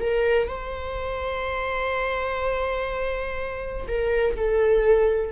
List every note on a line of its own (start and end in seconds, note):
0.00 0.48 A#4
0.48 3.86 C5
3.88 4.36 A#4
4.37 5.32 A4